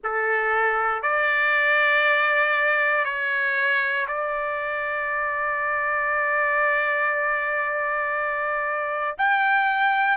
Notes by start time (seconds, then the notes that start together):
0.03 A4
1.02 D5
3.04 C#5
4.07 D5
9.18 G5